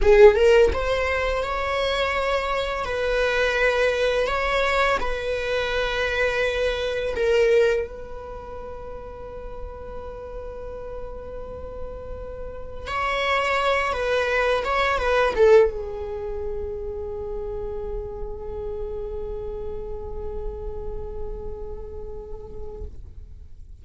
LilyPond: \new Staff \with { instrumentName = "viola" } { \time 4/4 \tempo 4 = 84 gis'8 ais'8 c''4 cis''2 | b'2 cis''4 b'4~ | b'2 ais'4 b'4~ | b'1~ |
b'2 cis''4. b'8~ | b'8 cis''8 b'8 a'8 gis'2~ | gis'1~ | gis'1 | }